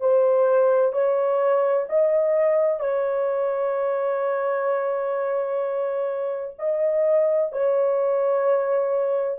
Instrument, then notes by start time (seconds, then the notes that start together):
horn
0.00 C5
0.92 C#5
1.89 D#5
2.80 C#5
6.58 D#5
7.52 C#5